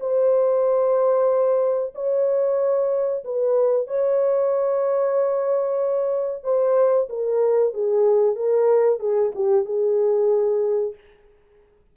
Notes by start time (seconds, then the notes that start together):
0.00 C5
1.95 C#5
3.25 B4
3.87 C#5
6.44 C5
7.09 A#4
7.74 G#4
8.36 A#4
9.00 G#4
9.35 G4
9.65 G#4